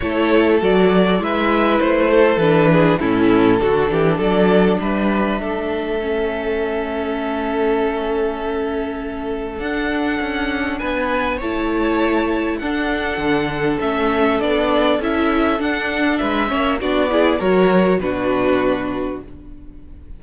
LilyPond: <<
  \new Staff \with { instrumentName = "violin" } { \time 4/4 \tempo 4 = 100 cis''4 d''4 e''4 c''4 | b'4 a'2 d''4 | e''1~ | e''1 |
fis''2 gis''4 a''4~ | a''4 fis''2 e''4 | d''4 e''4 fis''4 e''4 | d''4 cis''4 b'2 | }
  \new Staff \with { instrumentName = "violin" } { \time 4/4 a'2 b'4. a'8~ | a'8 gis'8 e'4 fis'8 g'8 a'4 | b'4 a'2.~ | a'1~ |
a'2 b'4 cis''4~ | cis''4 a'2.~ | a'2. b'8 cis''8 | fis'8 gis'8 ais'4 fis'2 | }
  \new Staff \with { instrumentName = "viola" } { \time 4/4 e'4 fis'4 e'2 | d'4 cis'4 d'2~ | d'2 cis'2~ | cis'1 |
d'2. e'4~ | e'4 d'2 cis'4 | d'4 e'4 d'4. cis'8 | d'8 e'8 fis'4 d'2 | }
  \new Staff \with { instrumentName = "cello" } { \time 4/4 a4 fis4 gis4 a4 | e4 a,4 d8 e8 fis4 | g4 a2.~ | a1 |
d'4 cis'4 b4 a4~ | a4 d'4 d4 a4 | b4 cis'4 d'4 gis8 ais8 | b4 fis4 b,2 | }
>>